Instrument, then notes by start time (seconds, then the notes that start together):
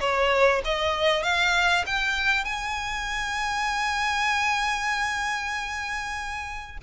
violin
0.00 C#5
0.64 D#5
1.23 F5
1.86 G5
2.45 G#5